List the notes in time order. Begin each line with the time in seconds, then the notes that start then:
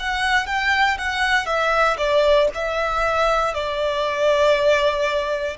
0.00 F#5
0.47 G5
0.98 F#5
1.47 E5
1.98 D5
2.55 E5
3.55 D5